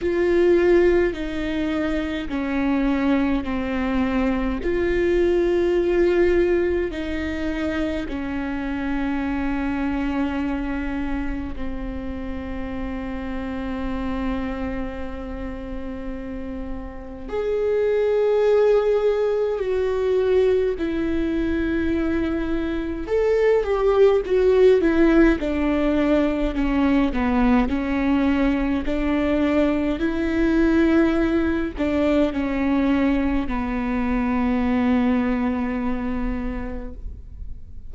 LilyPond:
\new Staff \with { instrumentName = "viola" } { \time 4/4 \tempo 4 = 52 f'4 dis'4 cis'4 c'4 | f'2 dis'4 cis'4~ | cis'2 c'2~ | c'2. gis'4~ |
gis'4 fis'4 e'2 | a'8 g'8 fis'8 e'8 d'4 cis'8 b8 | cis'4 d'4 e'4. d'8 | cis'4 b2. | }